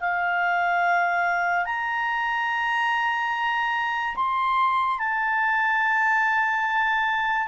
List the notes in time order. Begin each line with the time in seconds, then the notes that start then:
0.00 F5
1.65 A#5
4.16 C6
4.99 A5